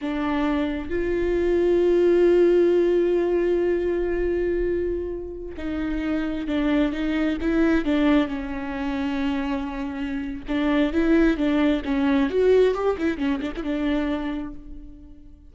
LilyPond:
\new Staff \with { instrumentName = "viola" } { \time 4/4 \tempo 4 = 132 d'2 f'2~ | f'1~ | f'1~ | f'16 dis'2 d'4 dis'8.~ |
dis'16 e'4 d'4 cis'4.~ cis'16~ | cis'2. d'4 | e'4 d'4 cis'4 fis'4 | g'8 e'8 cis'8 d'16 e'16 d'2 | }